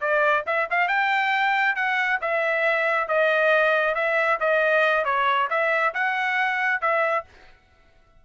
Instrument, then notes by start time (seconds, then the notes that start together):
trumpet
0.00 D5
0.46 E5
0.70 F5
0.88 G5
1.75 F#5
2.21 E5
3.08 D#5
3.95 E5
4.40 D#5
5.04 C#5
5.50 E5
5.94 F#5
6.81 E5